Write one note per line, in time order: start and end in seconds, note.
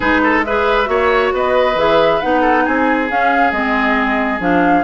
0.00 0.88 G#3
0.00 0.44 D#4
0.00 0.21 G#4
0.00 0.42 B4
0.23 0.45 A4
0.43 0.85 G#4
0.43 0.89 B4
0.43 1.32 E5
0.85 1.32 A#3
0.85 1.73 F#4
0.85 1.33 C#5
1.33 1.75 B3
1.33 2.41 B4
1.33 1.78 D#5
1.75 2.19 E3
1.75 2.21 G#4
1.75 2.21 E5
2.21 2.67 B3
2.21 3.09 D#4
2.21 2.65 F#5
2.41 2.63 A4
2.65 3.10 C4
2.65 4.83 G#4
2.65 3.09 G#5
3.09 3.53 C#4
3.09 3.52 C#4
3.09 3.51 F5
3.51 4.39 G#3
3.51 4.40 C4
3.51 4.40 D#5
4.39 4.83 F3
4.39 4.83 D4
4.39 4.83 F5